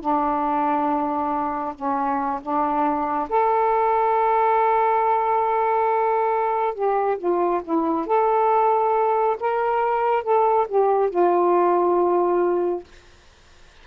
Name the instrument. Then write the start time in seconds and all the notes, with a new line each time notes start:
saxophone
0.00 D4
1.75 C#4
2.42 D4
3.29 A4
6.74 G4
7.18 F4
7.63 E4
8.06 A4
9.40 A#4
10.23 A4
10.68 G4
11.09 F4